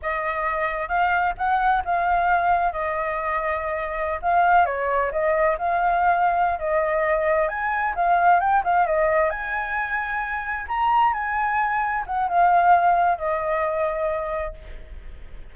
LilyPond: \new Staff \with { instrumentName = "flute" } { \time 4/4 \tempo 4 = 132 dis''2 f''4 fis''4 | f''2 dis''2~ | dis''4~ dis''16 f''4 cis''4 dis''8.~ | dis''16 f''2~ f''16 dis''4.~ |
dis''8 gis''4 f''4 g''8 f''8 dis''8~ | dis''8 gis''2. ais''8~ | ais''8 gis''2 fis''8 f''4~ | f''4 dis''2. | }